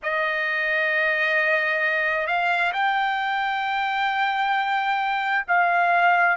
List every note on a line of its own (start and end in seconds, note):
0.02 2.26 D#5
2.26 2.72 F5
2.73 5.45 G5
5.48 6.36 F5